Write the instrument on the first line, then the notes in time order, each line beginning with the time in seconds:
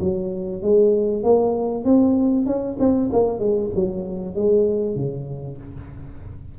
tuba
0.00 F#3
0.62 G#3
1.23 A#3
1.84 C4
2.46 C#4
2.79 C4
3.12 A#3
3.39 G#3
3.75 F#3
4.35 G#3
4.95 C#3